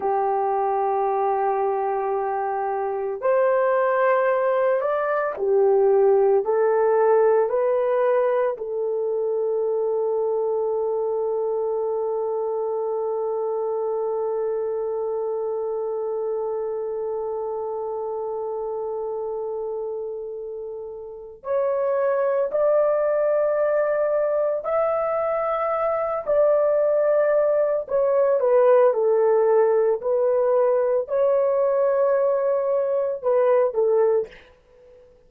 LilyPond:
\new Staff \with { instrumentName = "horn" } { \time 4/4 \tempo 4 = 56 g'2. c''4~ | c''8 d''8 g'4 a'4 b'4 | a'1~ | a'1~ |
a'1 | cis''4 d''2 e''4~ | e''8 d''4. cis''8 b'8 a'4 | b'4 cis''2 b'8 a'8 | }